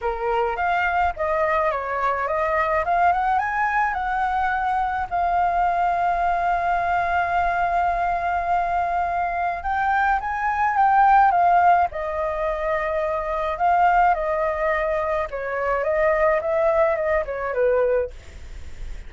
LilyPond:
\new Staff \with { instrumentName = "flute" } { \time 4/4 \tempo 4 = 106 ais'4 f''4 dis''4 cis''4 | dis''4 f''8 fis''8 gis''4 fis''4~ | fis''4 f''2.~ | f''1~ |
f''4 g''4 gis''4 g''4 | f''4 dis''2. | f''4 dis''2 cis''4 | dis''4 e''4 dis''8 cis''8 b'4 | }